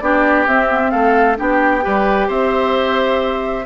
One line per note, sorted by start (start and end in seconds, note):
0.00 0.47 B3
0.00 0.47 D4
0.00 0.92 G4
0.00 0.46 D5
0.47 0.70 C4
0.47 0.93 C4
0.47 0.91 E5
0.70 0.81 B3
0.81 1.37 C4
0.91 1.39 A3
0.91 1.37 A4
0.91 1.36 F5
1.37 1.86 B3
1.37 1.82 D4
1.37 1.85 G4
1.37 2.30 G5
1.82 2.29 G3
1.82 3.65 G4
1.82 2.28 B4
2.28 3.66 C4
2.28 3.65 C5
2.28 3.66 E5